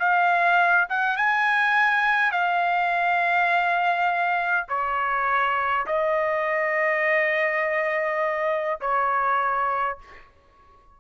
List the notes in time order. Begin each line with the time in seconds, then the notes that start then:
0.00 F5
0.90 F#5
1.17 G#5
2.32 F5
4.69 C#5
5.87 D#5
8.81 C#5